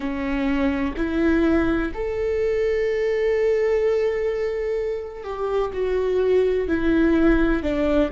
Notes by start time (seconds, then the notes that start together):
0.00 C#4
0.96 E4
1.94 A4
5.23 G4
5.73 F#4
6.68 E4
7.62 D4